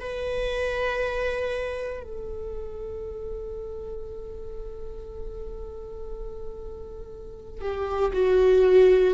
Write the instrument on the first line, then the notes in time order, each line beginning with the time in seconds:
viola
0.00 B4
2.03 A4
7.61 G4
8.13 F#4